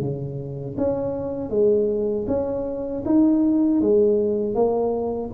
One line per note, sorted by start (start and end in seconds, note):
0.00 0.76 C#3
0.77 1.49 C#4
1.49 2.25 G#3
2.27 3.03 C#4
3.06 3.81 D#4
3.81 4.55 G#3
4.55 5.31 A#3